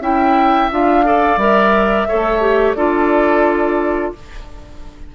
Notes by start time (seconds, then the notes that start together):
0.00 C#4 E4 E5 G5
0.71 D4 F4 F5
1.04 A4 D5
1.37 G3 A#4 E5
2.08 A3 A4 C#5
2.41 G4
2.74 D4 F4 A4 D5